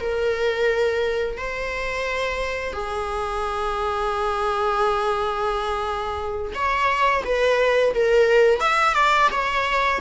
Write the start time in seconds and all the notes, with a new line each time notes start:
0.00 A#4
1.37 C5
2.72 G#4
6.54 C#5
7.24 B4
7.94 A#4
8.60 E5
8.94 D5
9.31 C#5